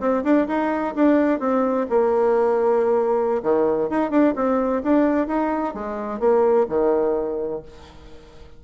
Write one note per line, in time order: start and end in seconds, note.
0.00 0.23 C4
0.24 0.47 D4
0.48 0.95 D#4
0.95 1.40 D4
1.40 1.87 C4
1.90 3.42 A#3
3.43 3.90 D#3
3.90 4.11 D#4
4.11 4.34 D4
4.36 4.83 C4
4.83 5.27 D4
5.27 5.74 D#4
5.74 6.20 G#3
6.20 6.66 A#3
6.69 7.63 D#3